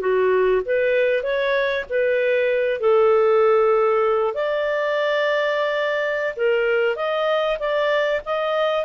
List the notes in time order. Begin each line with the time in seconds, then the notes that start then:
0.00 F#4
0.65 B4
1.23 C#5
1.89 B4
2.80 A4
4.34 D5
6.36 A#4
6.96 D#5
7.59 D5
8.25 D#5